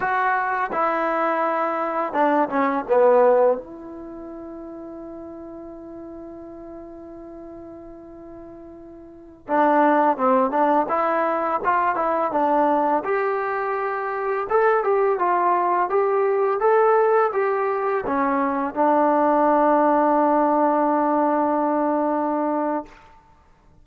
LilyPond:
\new Staff \with { instrumentName = "trombone" } { \time 4/4 \tempo 4 = 84 fis'4 e'2 d'8 cis'8 | b4 e'2.~ | e'1~ | e'4~ e'16 d'4 c'8 d'8 e'8.~ |
e'16 f'8 e'8 d'4 g'4.~ g'16~ | g'16 a'8 g'8 f'4 g'4 a'8.~ | a'16 g'4 cis'4 d'4.~ d'16~ | d'1 | }